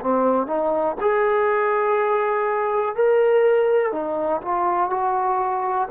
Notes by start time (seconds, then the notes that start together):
0.00 C4
0.46 D#4
1.01 G#4
2.95 A#4
3.92 D#4
4.41 F4
4.90 F#4